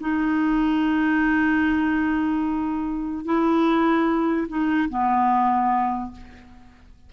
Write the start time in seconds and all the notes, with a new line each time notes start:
0.00 D#4
3.24 E4
4.48 D#4
4.89 B3